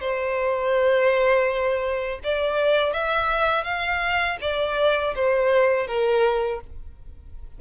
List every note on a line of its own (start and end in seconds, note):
0.00 2.20 C5
2.23 2.93 D5
2.93 3.64 E5
3.64 4.37 F5
4.41 5.14 D5
5.15 5.87 C5
5.87 6.60 A#4